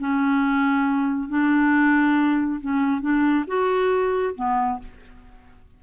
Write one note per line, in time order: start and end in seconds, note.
0.00 1.29 C#4
1.29 2.61 D4
2.61 3.01 C#4
3.01 3.45 D4
3.48 4.35 F#4
4.36 4.79 B3